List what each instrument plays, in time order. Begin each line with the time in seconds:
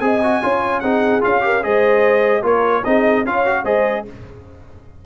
0.00 tuba C4, trombone G#4, horn D#5, trumpet G#5
0.23 trombone F#4
0.42 tuba C#4, trombone F4, horn C#5
0.80 tuba C4, trombone D#4, horn G#4, trumpet F#5
1.21 tuba C#4, trombone F4, trumpet F5
1.41 trombone G4, horn A#4
1.63 tuba G#3, trombone G#4, horn C5, trumpet D#5
2.42 tuba A#3, trombone F4, horn A#4, trumpet C#5
2.84 tuba C4, trombone D#4, horn G#4, trumpet D#5
3.25 tuba C#4, trombone F4, horn C#5, trumpet F5
3.46 trombone F#4
3.64 tuba G#3, trombone G#4, horn C5, trumpet D#5